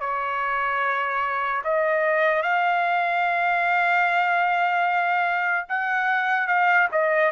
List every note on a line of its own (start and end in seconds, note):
0.00 1.62 C#5
1.64 2.43 D#5
2.43 5.67 F5
5.69 6.47 F#5
6.47 6.88 F5
6.92 7.32 D#5